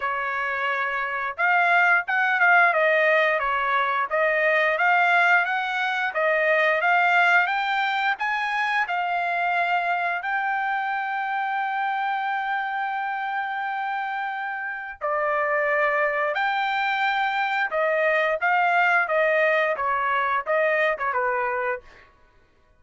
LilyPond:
\new Staff \with { instrumentName = "trumpet" } { \time 4/4 \tempo 4 = 88 cis''2 f''4 fis''8 f''8 | dis''4 cis''4 dis''4 f''4 | fis''4 dis''4 f''4 g''4 | gis''4 f''2 g''4~ |
g''1~ | g''2 d''2 | g''2 dis''4 f''4 | dis''4 cis''4 dis''8. cis''16 b'4 | }